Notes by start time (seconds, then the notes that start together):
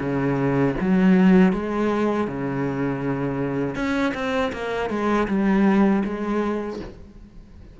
0.00 C#3
0.81 F#3
1.52 G#3
2.27 C#3
3.76 C#4
4.14 C4
4.52 A#3
4.90 G#3
5.28 G3
6.05 G#3